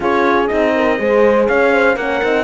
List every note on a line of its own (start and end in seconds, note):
0.00 0.49 C#4
0.00 0.48 F4
0.00 0.73 G#4
0.00 0.47 C#5
0.47 0.99 C4
0.47 0.97 D#4
0.47 1.45 D#5
0.75 1.00 A#4
0.97 1.48 G#3
0.97 1.95 G#4
0.97 1.48 C5
1.48 1.96 C#4
1.48 1.73 C#5
1.48 1.97 F5
1.73 1.95 C5
1.95 2.21 A#3
1.95 2.23 C#4
1.95 2.44 A#4
1.95 2.44 F#5
2.23 2.44 C4
2.23 2.44 D#4